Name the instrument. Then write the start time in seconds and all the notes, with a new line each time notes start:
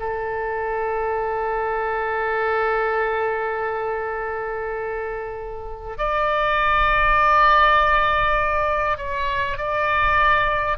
oboe
0.00 A4
5.98 D5
8.98 C#5
9.58 D5